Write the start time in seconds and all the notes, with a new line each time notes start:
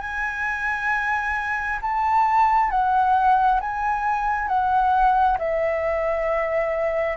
0.00 G#5
1.82 A5
2.70 F#5
3.60 G#5
4.48 F#5
5.39 E5